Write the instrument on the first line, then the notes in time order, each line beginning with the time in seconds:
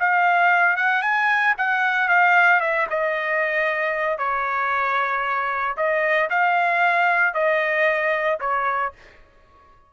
trumpet
0.00 F5
0.77 F#5
1.02 G#5
1.58 F#5
2.09 F5
2.61 E5
2.90 D#5
4.18 C#5
5.77 D#5
6.30 F5
7.34 D#5
8.41 C#5